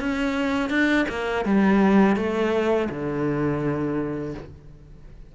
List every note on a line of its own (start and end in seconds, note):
0.00 0.70 C#4
0.70 1.06 D4
1.09 1.45 A#3
1.45 2.16 G3
2.16 2.88 A3
2.89 4.34 D3